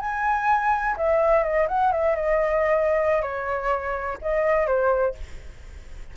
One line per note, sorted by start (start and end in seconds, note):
0.00 0.96 G#5
0.97 1.43 E5
1.43 1.67 D#5
1.68 1.92 F#5
1.92 2.15 E5
2.15 3.22 D#5
3.22 4.18 C#5
4.22 4.67 D#5
4.67 5.15 C5